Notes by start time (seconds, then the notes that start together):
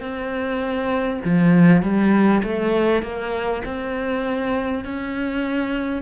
0.00 C4
1.24 F3
1.82 G3
2.43 A3
3.02 A#3
3.65 C4
4.84 C#4